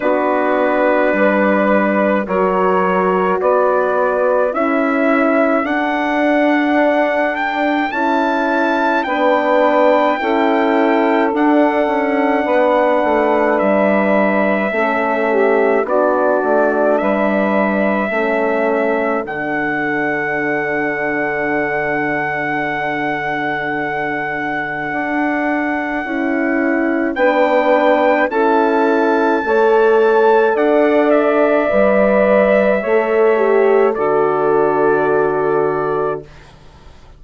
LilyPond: <<
  \new Staff \with { instrumentName = "trumpet" } { \time 4/4 \tempo 4 = 53 b'2 cis''4 d''4 | e''4 fis''4. g''8 a''4 | g''2 fis''2 | e''2 d''4 e''4~ |
e''4 fis''2.~ | fis''1 | g''4 a''2 fis''8 e''8~ | e''2 d''2 | }
  \new Staff \with { instrumentName = "saxophone" } { \time 4/4 fis'4 b'4 ais'4 b'4 | a'1 | b'4 a'2 b'4~ | b'4 a'8 g'8 fis'4 b'4 |
a'1~ | a'1 | b'4 a'4 cis''4 d''4~ | d''4 cis''4 a'2 | }
  \new Staff \with { instrumentName = "horn" } { \time 4/4 d'2 fis'2 | e'4 d'2 e'4 | d'4 e'4 d'2~ | d'4 cis'4 d'2 |
cis'4 d'2.~ | d'2. e'4 | d'4 e'4 a'2 | b'4 a'8 g'8 fis'2 | }
  \new Staff \with { instrumentName = "bassoon" } { \time 4/4 b4 g4 fis4 b4 | cis'4 d'2 cis'4 | b4 cis'4 d'8 cis'8 b8 a8 | g4 a4 b8 a8 g4 |
a4 d2.~ | d2 d'4 cis'4 | b4 cis'4 a4 d'4 | g4 a4 d2 | }
>>